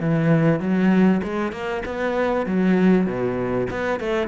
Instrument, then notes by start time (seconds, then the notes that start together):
cello
0.00 E3
0.60 F#3
1.23 G#3
1.52 A#3
1.85 B3
2.46 F#3
3.06 B2
3.70 B3
3.99 A3